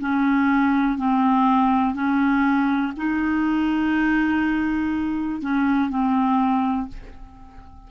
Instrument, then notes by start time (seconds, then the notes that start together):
clarinet
0.00 C#4
0.98 C4
1.94 C#4
2.97 D#4
5.42 C#4
5.90 C4